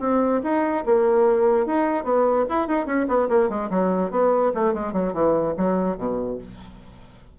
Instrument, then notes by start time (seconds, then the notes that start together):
bassoon
0.00 C4
0.43 D#4
0.86 A#3
1.66 D#4
2.04 B3
2.49 E4
2.68 D#4
2.86 C#4
3.08 B3
3.29 A#3
3.49 G#3
3.70 F#3
4.11 B3
4.54 A3
4.74 G#3
4.93 F#3
5.13 E3
5.57 F#3
5.97 B2